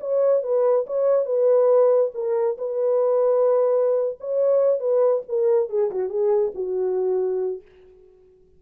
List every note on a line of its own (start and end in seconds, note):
0.00 0.43 C#5
0.43 0.86 B4
0.86 1.25 C#5
1.25 2.11 B4
2.14 2.57 A#4
2.57 4.18 B4
4.20 4.80 C#5
4.80 5.22 B4
5.28 5.69 A#4
5.69 5.90 G#4
5.90 6.09 F#4
6.09 6.52 G#4
6.54 7.61 F#4